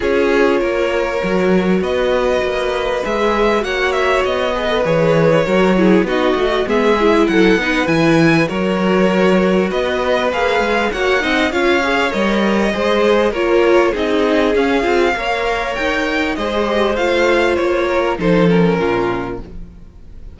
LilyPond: <<
  \new Staff \with { instrumentName = "violin" } { \time 4/4 \tempo 4 = 99 cis''2. dis''4~ | dis''4 e''4 fis''8 e''8 dis''4 | cis''2 dis''4 e''4 | fis''4 gis''4 cis''2 |
dis''4 f''4 fis''4 f''4 | dis''2 cis''4 dis''4 | f''2 g''4 dis''4 | f''4 cis''4 c''8 ais'4. | }
  \new Staff \with { instrumentName = "violin" } { \time 4/4 gis'4 ais'2 b'4~ | b'2 cis''4. b'8~ | b'4 ais'8 gis'8 fis'4 gis'4 | a'8 b'4. ais'2 |
b'2 cis''8 dis''8 cis''4~ | cis''4 c''4 ais'4 gis'4~ | gis'4 cis''2 c''4~ | c''4. ais'8 a'4 f'4 | }
  \new Staff \with { instrumentName = "viola" } { \time 4/4 f'2 fis'2~ | fis'4 gis'4 fis'4. gis'16 a'16 | gis'4 fis'8 e'8 dis'8 fis'8 b8 e'8~ | e'8 dis'8 e'4 fis'2~ |
fis'4 gis'4 fis'8 dis'8 f'8 gis'8 | ais'4 gis'4 f'4 dis'4 | cis'8 f'8 ais'2 gis'8 g'8 | f'2 dis'8 cis'4. | }
  \new Staff \with { instrumentName = "cello" } { \time 4/4 cis'4 ais4 fis4 b4 | ais4 gis4 ais4 b4 | e4 fis4 b8 a8 gis4 | fis8 b8 e4 fis2 |
b4 ais8 gis8 ais8 c'8 cis'4 | g4 gis4 ais4 c'4 | cis'8 c'8 ais4 dis'4 gis4 | a4 ais4 f4 ais,4 | }
>>